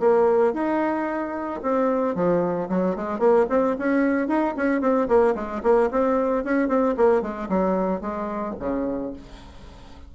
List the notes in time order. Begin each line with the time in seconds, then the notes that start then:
0.00 A#3
0.54 D#4
1.63 C4
2.15 F3
2.69 F#3
2.96 G#3
3.19 A#3
3.50 C4
3.79 C#4
4.28 D#4
4.57 C#4
4.81 C4
5.08 A#3
5.35 G#3
5.63 A#3
5.91 C4
6.45 C#4
6.69 C4
6.97 A#3
7.22 G#3
7.49 F#3
8.01 G#3
8.60 C#3